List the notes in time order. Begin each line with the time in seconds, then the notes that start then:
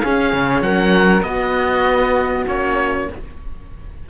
0.00 C#4 G#4 F5
0.34 C#3
0.61 F#3 A#4 F#5
1.21 B3 F#4 D#5
2.48 A#3 C#4 C#5